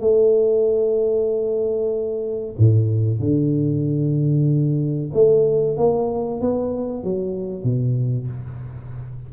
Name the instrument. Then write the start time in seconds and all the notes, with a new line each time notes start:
tuba
0.00 A3
2.58 A2
3.19 D3
5.13 A3
5.77 A#3
6.40 B3
7.03 F#3
7.64 B2